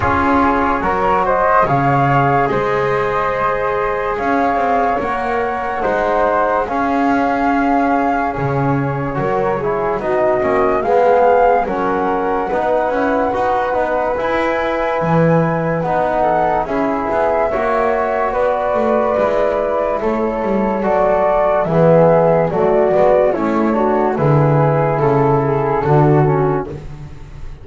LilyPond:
<<
  \new Staff \with { instrumentName = "flute" } { \time 4/4 \tempo 4 = 72 cis''4. dis''8 f''4 dis''4~ | dis''4 f''4 fis''2 | f''2 cis''2 | dis''4 f''4 fis''2~ |
fis''4 gis''2 fis''4 | e''2 d''2 | cis''4 d''4 e''4 d''4 | cis''4 b'4 a'2 | }
  \new Staff \with { instrumentName = "flute" } { \time 4/4 gis'4 ais'8 c''8 cis''4 c''4~ | c''4 cis''2 c''4 | gis'2. ais'8 gis'8 | fis'4 gis'4 ais'4 b'4~ |
b'2.~ b'8 a'8 | gis'4 cis''4 b'2 | a'2 gis'4 fis'4 | e'8 fis'8 gis'4 a'8 gis'8 fis'4 | }
  \new Staff \with { instrumentName = "trombone" } { \time 4/4 f'4 fis'4 gis'2~ | gis'2 ais'4 dis'4 | cis'2. fis'8 e'8 | dis'8 cis'8 b4 cis'4 dis'8 e'8 |
fis'8 dis'8 e'2 dis'4 | e'4 fis'2 e'4~ | e'4 fis'4 b4 a8 b8 | cis'8 d'8 e'2 d'8 cis'8 | }
  \new Staff \with { instrumentName = "double bass" } { \time 4/4 cis'4 fis4 cis4 gis4~ | gis4 cis'8 c'8 ais4 gis4 | cis'2 cis4 fis4 | b8 ais8 gis4 fis4 b8 cis'8 |
dis'8 b8 e'4 e4 b4 | cis'8 b8 ais4 b8 a8 gis4 | a8 g8 fis4 e4 fis8 gis8 | a4 d4 cis4 d4 | }
>>